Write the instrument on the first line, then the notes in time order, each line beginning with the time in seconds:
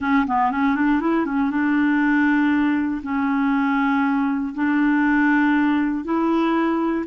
clarinet
0.00 C#4
0.26 B3
0.51 C#4
0.75 D4
1.00 E4
1.25 C#4
1.50 D4
3.02 C#4
4.54 D4
6.04 E4